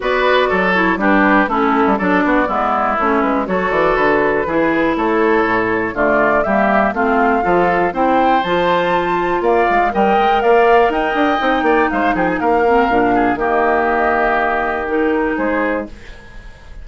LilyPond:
<<
  \new Staff \with { instrumentName = "flute" } { \time 4/4 \tempo 4 = 121 d''4. cis''8 b'4 a'4 | d''2 cis''8 b'8 cis''8 d''8 | b'2 cis''2 | d''4 e''4 f''2 |
g''4 a''2 f''4 | g''4 f''4 g''2 | f''8 g''16 gis''16 f''2 dis''4~ | dis''2 ais'4 c''4 | }
  \new Staff \with { instrumentName = "oboe" } { \time 4/4 b'4 a'4 g'4 e'4 | a'8 fis'8 e'2 a'4~ | a'4 gis'4 a'2 | f'4 g'4 f'4 a'4 |
c''2. d''4 | dis''4 d''4 dis''4. d''8 | c''8 gis'8 ais'4. gis'8 g'4~ | g'2. gis'4 | }
  \new Staff \with { instrumentName = "clarinet" } { \time 4/4 fis'4. e'8 d'4 cis'4 | d'4 b4 cis'4 fis'4~ | fis'4 e'2. | a4 ais4 c'4 f'4 |
e'4 f'2. | ais'2. dis'4~ | dis'4. c'8 d'4 ais4~ | ais2 dis'2 | }
  \new Staff \with { instrumentName = "bassoon" } { \time 4/4 b4 fis4 g4 a8. g16 | fis8 b8 gis4 a8 gis8 fis8 e8 | d4 e4 a4 a,4 | d4 g4 a4 f4 |
c'4 f2 ais8 gis8 | g8 gis8 ais4 dis'8 d'8 c'8 ais8 | gis8 f8 ais4 ais,4 dis4~ | dis2. gis4 | }
>>